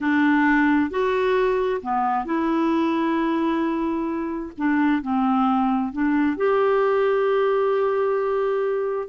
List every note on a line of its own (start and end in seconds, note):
0.00 0.90 D4
0.90 1.81 F#4
1.81 2.25 B3
2.25 4.52 E4
4.57 5.01 D4
5.01 5.92 C4
5.92 6.36 D4
6.36 9.08 G4